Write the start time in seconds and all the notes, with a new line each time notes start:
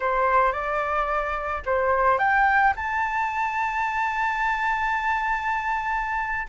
0.00 C5
0.52 D5
1.65 C5
2.18 G5
2.76 A5